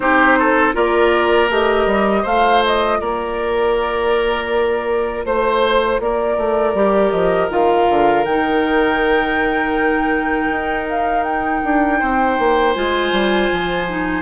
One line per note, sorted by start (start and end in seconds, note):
0.00 0.75 C4
0.00 0.73 D#4
0.00 0.38 G4
0.00 0.74 C5
0.39 0.74 A4
0.73 1.49 A#3
0.73 1.48 F4
0.73 2.22 A#4
0.73 1.50 D5
1.49 1.85 A3
1.49 2.25 G4
1.49 2.26 D#5
1.85 2.23 G3
2.22 3.00 A3
2.22 6.75 F4
2.22 2.97 C5
2.22 2.63 F5
2.65 3.00 D#5
3.00 5.25 A#3
3.00 5.25 A#4
3.00 5.25 D5
5.25 5.99 A3
5.25 6.00 C5
5.99 6.37 A#3
5.99 11.99 A#4
5.99 7.11 D5
6.37 6.74 A3
6.74 7.11 G3
6.74 7.49 G4
7.11 7.49 F3
7.11 7.48 D#5
7.49 7.86 D#3
7.49 8.24 F4
7.49 8.24 F5
7.89 8.25 D3
8.24 10.49 D#3
8.24 12.75 D#4
8.24 10.87 G5
10.49 11.62 D#4
10.89 11.23 F5
11.23 12.73 G5
11.64 12.01 D4
11.99 12.38 C4
11.99 14.22 C5
12.38 12.76 A#3
12.73 13.12 G#3
12.73 13.87 F4
12.73 14.22 G#5
13.12 13.49 G3
13.52 14.22 F3
13.89 14.22 D#4